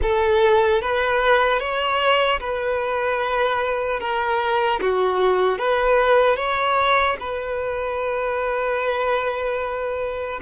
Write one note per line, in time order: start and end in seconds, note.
0.02 0.81 A4
0.81 1.59 B4
1.59 2.39 C#5
2.40 4.00 B4
4.00 4.80 A#4
4.80 5.58 F#4
5.58 6.36 B4
6.36 7.16 C#5
7.20 10.40 B4